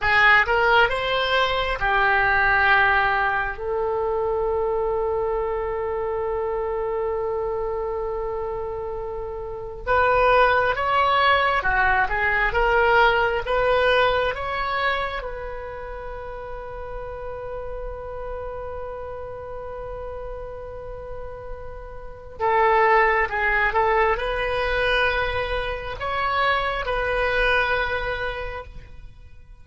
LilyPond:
\new Staff \with { instrumentName = "oboe" } { \time 4/4 \tempo 4 = 67 gis'8 ais'8 c''4 g'2 | a'1~ | a'2. b'4 | cis''4 fis'8 gis'8 ais'4 b'4 |
cis''4 b'2.~ | b'1~ | b'4 a'4 gis'8 a'8 b'4~ | b'4 cis''4 b'2 | }